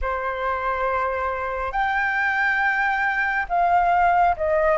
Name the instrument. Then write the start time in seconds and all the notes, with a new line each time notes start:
flute
0.01 C5
1.72 G5
3.48 F5
4.36 D#5